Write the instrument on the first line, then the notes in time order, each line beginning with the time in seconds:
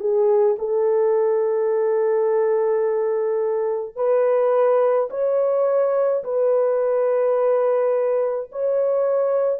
horn
0.00 G#4
0.59 A4
3.96 B4
5.10 C#5
6.24 B4
8.52 C#5